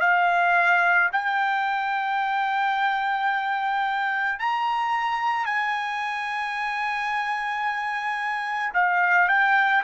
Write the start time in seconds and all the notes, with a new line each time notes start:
0.00 F5
1.12 G5
4.39 A#5
5.45 G#5
8.73 F5
9.28 G5